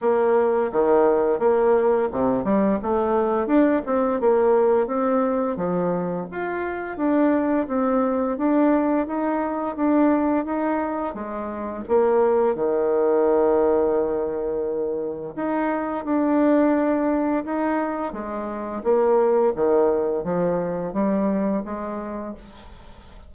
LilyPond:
\new Staff \with { instrumentName = "bassoon" } { \time 4/4 \tempo 4 = 86 ais4 dis4 ais4 c8 g8 | a4 d'8 c'8 ais4 c'4 | f4 f'4 d'4 c'4 | d'4 dis'4 d'4 dis'4 |
gis4 ais4 dis2~ | dis2 dis'4 d'4~ | d'4 dis'4 gis4 ais4 | dis4 f4 g4 gis4 | }